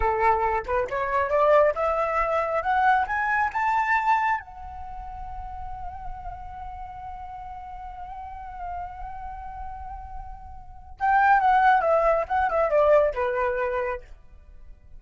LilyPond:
\new Staff \with { instrumentName = "flute" } { \time 4/4 \tempo 4 = 137 a'4. b'8 cis''4 d''4 | e''2 fis''4 gis''4 | a''2 fis''2~ | fis''1~ |
fis''1~ | fis''1~ | fis''4 g''4 fis''4 e''4 | fis''8 e''8 d''4 b'2 | }